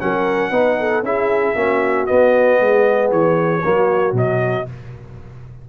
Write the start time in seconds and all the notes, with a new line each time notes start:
0.00 F#3 C#4 A#4 F#5
0.50 B3 D#4 B4
0.79 A4
1.03 C#4 E4 G#4 E5
1.56 A#3 C#4 F#4
2.07 B3 D#5
2.61 G#3 G#4
3.12 E3 C#5
3.64 F#3 A#3 F#4
4.13 B2 F#3 D#5